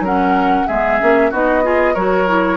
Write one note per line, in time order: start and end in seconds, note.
0.00 0.64 F#3
0.00 0.68 C#4
0.00 0.67 A#4
0.00 0.68 F#5
0.67 1.01 G#3
0.67 1.00 B3
0.67 1.31 G#4
0.67 1.31 E5
1.00 1.32 A#3
1.00 1.32 C#4
1.31 1.96 B3
1.31 1.63 D#4
1.31 1.63 F#4
1.31 1.95 D#5
1.63 1.95 F4
1.63 1.94 G#4
1.94 2.57 F#3
1.94 2.27 F#4
1.94 2.57 A#4
1.94 2.57 C#5
2.27 2.57 E4